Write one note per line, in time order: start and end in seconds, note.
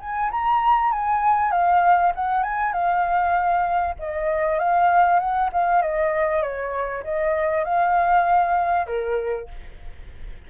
0.00 0.31 G#5
0.31 0.92 A#5
0.92 1.51 G#5
1.51 2.13 F5
2.15 2.43 F#5
2.43 2.73 G#5
2.73 3.95 F5
3.99 4.59 D#5
4.59 5.19 F5
5.19 5.50 F#5
5.53 5.82 F5
5.82 6.42 D#5
6.42 7.04 C#5
7.04 7.64 D#5
7.64 8.87 F5
8.87 9.48 A#4